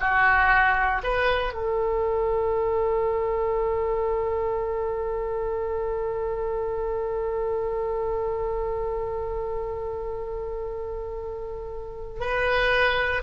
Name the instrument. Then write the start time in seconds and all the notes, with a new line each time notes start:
oboe
0.00 F#4
1.04 B4
1.53 A4
12.20 B4